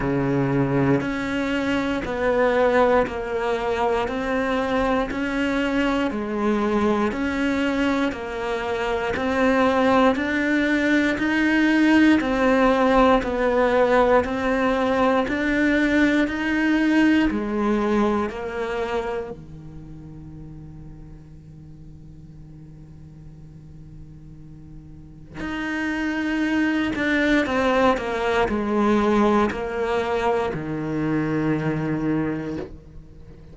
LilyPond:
\new Staff \with { instrumentName = "cello" } { \time 4/4 \tempo 4 = 59 cis4 cis'4 b4 ais4 | c'4 cis'4 gis4 cis'4 | ais4 c'4 d'4 dis'4 | c'4 b4 c'4 d'4 |
dis'4 gis4 ais4 dis4~ | dis1~ | dis4 dis'4. d'8 c'8 ais8 | gis4 ais4 dis2 | }